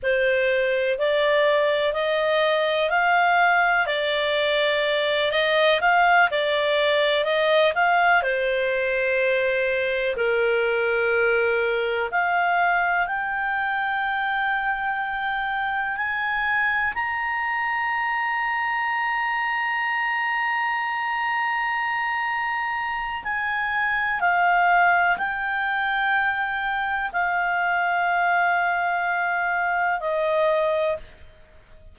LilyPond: \new Staff \with { instrumentName = "clarinet" } { \time 4/4 \tempo 4 = 62 c''4 d''4 dis''4 f''4 | d''4. dis''8 f''8 d''4 dis''8 | f''8 c''2 ais'4.~ | ais'8 f''4 g''2~ g''8~ |
g''8 gis''4 ais''2~ ais''8~ | ais''1 | gis''4 f''4 g''2 | f''2. dis''4 | }